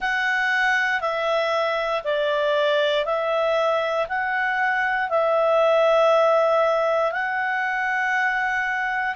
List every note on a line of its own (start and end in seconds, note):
0.00 1.00 F#5
1.00 2.02 E5
2.03 3.05 D5
3.05 4.07 E5
4.08 5.09 F#5
5.09 7.11 E5
7.11 9.15 F#5